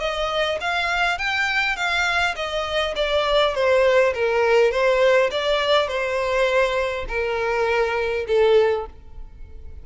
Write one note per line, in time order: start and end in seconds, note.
0.00 0.59 D#5
0.61 1.18 F5
1.18 1.76 G5
1.76 2.35 F5
2.36 2.95 D#5
2.96 3.55 D5
3.55 4.14 C5
4.14 4.71 A#4
4.71 5.30 C5
5.31 5.88 D5
5.88 7.06 C5
7.09 8.26 A#4
8.28 8.87 A4